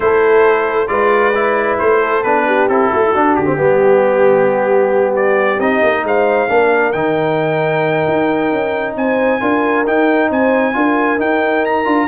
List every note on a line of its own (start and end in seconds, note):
0.00 0.88 A3
0.00 0.87 E4
0.00 0.90 A4
0.00 0.87 C5
0.87 1.78 G#3
0.87 1.32 F4
0.87 2.01 B4
0.87 1.77 D5
1.34 2.24 E4
1.78 2.24 A3
1.78 2.23 C5
2.01 2.46 A4
2.23 2.68 B3
2.23 2.69 D4
2.23 2.68 B4
2.46 2.91 G4
2.68 2.91 C4
2.68 3.14 E4
2.68 3.35 A4
2.91 3.15 A3
2.91 3.02 F#4
3.02 3.10 E4
3.10 3.45 D4
3.10 3.37 D4
3.10 3.55 F#4
3.35 3.59 D3
3.35 5.14 G4
3.45 3.56 C4
3.57 5.59 G3
3.57 5.59 B3
3.57 6.05 G4
5.15 5.60 D5
5.59 5.81 C4
5.59 6.48 D#4
5.59 6.05 D#5
5.82 6.03 A#3
6.03 6.48 G#3
6.03 6.51 C5
6.03 6.92 F5
6.48 6.93 A#3
6.48 6.93 D4
6.48 8.97 A#4
6.92 8.05 D#3
6.92 9.40 D#4
6.92 8.93 G5
8.07 8.51 D#4
8.51 8.95 C#4
8.95 9.40 C4
8.95 9.40 C5
8.95 9.86 G#5
9.40 9.86 D4
9.40 9.85 F4
9.40 10.29 A#4
9.86 10.73 D#4
9.86 10.30 D#4
9.86 10.31 G5
10.29 10.75 C4
10.29 10.74 C5
10.29 11.20 G#5
10.73 11.19 D4
10.73 11.17 F4
10.73 12.08 A#4
11.17 11.84 D#4
11.17 11.86 D#4
11.17 11.65 G5
11.65 12.08 A#5
11.84 12.08 D4
11.84 12.07 F4